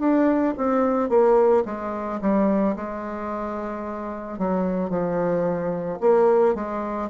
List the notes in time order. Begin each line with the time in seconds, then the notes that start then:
0.00 D4
0.58 C4
1.10 A#3
1.66 G#3
2.22 G3
2.77 G#3
4.39 F#3
4.90 F3
6.01 A#3
6.55 G#3